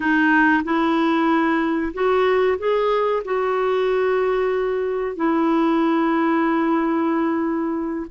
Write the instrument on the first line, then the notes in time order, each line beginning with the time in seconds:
clarinet
0.00 D#4
0.63 E4
1.93 F#4
2.58 G#4
3.24 F#4
5.16 E4